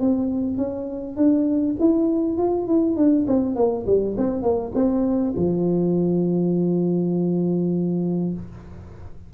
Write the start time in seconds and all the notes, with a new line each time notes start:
0.00 C4
0.57 C#4
1.17 D4
1.80 E4
2.38 F4
2.68 E4
2.97 D4
3.28 C4
3.56 A#3
3.87 G3
4.17 C4
4.43 A#3
4.75 C4
5.37 F3